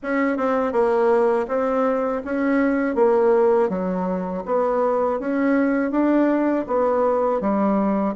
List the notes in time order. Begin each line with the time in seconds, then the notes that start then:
0.02 C#4
0.37 C4
0.72 A#3
1.48 C4
2.25 C#4
2.95 A#3
3.69 F#3
4.45 B3
5.19 C#4
5.91 D4
6.67 B3
7.40 G3